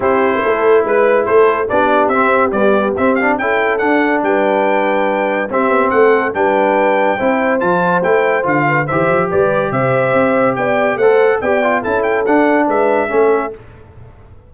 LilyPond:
<<
  \new Staff \with { instrumentName = "trumpet" } { \time 4/4 \tempo 4 = 142 c''2 b'4 c''4 | d''4 e''4 d''4 e''8 f''8 | g''4 fis''4 g''2~ | g''4 e''4 fis''4 g''4~ |
g''2 a''4 g''4 | f''4 e''4 d''4 e''4~ | e''4 g''4 fis''4 g''4 | a''8 g''8 fis''4 e''2 | }
  \new Staff \with { instrumentName = "horn" } { \time 4/4 g'4 a'4 b'4 a'4 | g'1 | a'2 b'2~ | b'4 g'4 a'4 b'4~ |
b'4 c''2.~ | c''8 b'8 c''4 b'4 c''4~ | c''4 d''4 c''4 d''4 | a'2 b'4 a'4 | }
  \new Staff \with { instrumentName = "trombone" } { \time 4/4 e'1 | d'4 c'4 g4 c'8 d'8 | e'4 d'2.~ | d'4 c'2 d'4~ |
d'4 e'4 f'4 e'4 | f'4 g'2.~ | g'2 a'4 g'8 f'8 | e'4 d'2 cis'4 | }
  \new Staff \with { instrumentName = "tuba" } { \time 4/4 c'4 a4 gis4 a4 | b4 c'4 b4 c'4 | cis'4 d'4 g2~ | g4 c'8 b8 a4 g4~ |
g4 c'4 f4 a4 | d4 e8 f8 g4 c4 | c'4 b4 a4 b4 | cis'4 d'4 gis4 a4 | }
>>